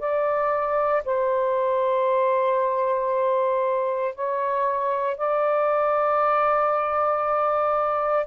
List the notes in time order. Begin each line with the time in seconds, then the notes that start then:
0.00 D5
1.05 C5
4.15 C#5
5.18 D5